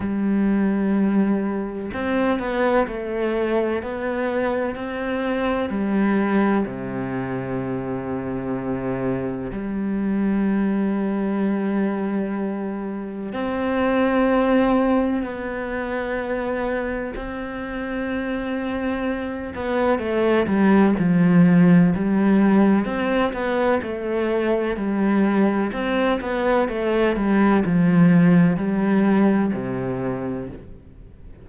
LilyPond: \new Staff \with { instrumentName = "cello" } { \time 4/4 \tempo 4 = 63 g2 c'8 b8 a4 | b4 c'4 g4 c4~ | c2 g2~ | g2 c'2 |
b2 c'2~ | c'8 b8 a8 g8 f4 g4 | c'8 b8 a4 g4 c'8 b8 | a8 g8 f4 g4 c4 | }